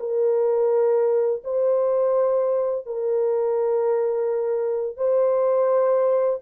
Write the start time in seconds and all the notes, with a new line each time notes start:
0.00 A#4
1.44 C5
2.86 A#4
4.97 C5